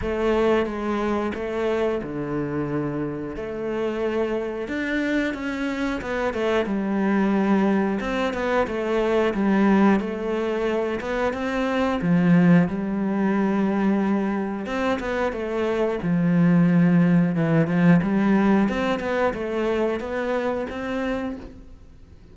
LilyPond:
\new Staff \with { instrumentName = "cello" } { \time 4/4 \tempo 4 = 90 a4 gis4 a4 d4~ | d4 a2 d'4 | cis'4 b8 a8 g2 | c'8 b8 a4 g4 a4~ |
a8 b8 c'4 f4 g4~ | g2 c'8 b8 a4 | f2 e8 f8 g4 | c'8 b8 a4 b4 c'4 | }